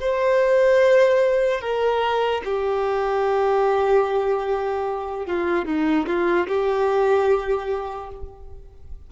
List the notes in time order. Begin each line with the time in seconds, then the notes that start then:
0.00 C5
1.61 A#4
2.44 G4
5.26 F4
5.65 D#4
6.06 F4
6.47 G4